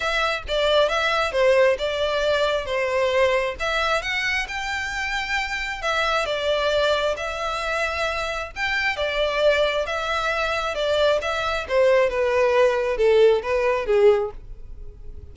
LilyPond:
\new Staff \with { instrumentName = "violin" } { \time 4/4 \tempo 4 = 134 e''4 d''4 e''4 c''4 | d''2 c''2 | e''4 fis''4 g''2~ | g''4 e''4 d''2 |
e''2. g''4 | d''2 e''2 | d''4 e''4 c''4 b'4~ | b'4 a'4 b'4 gis'4 | }